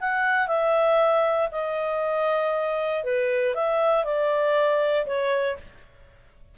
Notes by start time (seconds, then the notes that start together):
0.00 F#5
0.47 E5
1.51 D#5
3.03 B4
3.54 E5
4.04 D5
5.06 C#5